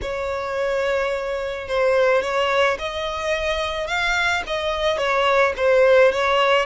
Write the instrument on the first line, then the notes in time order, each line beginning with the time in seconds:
violin
0.02 C#5
1.68 C5
2.22 C#5
2.78 D#5
3.87 F5
4.46 D#5
4.97 C#5
5.56 C5
6.11 C#5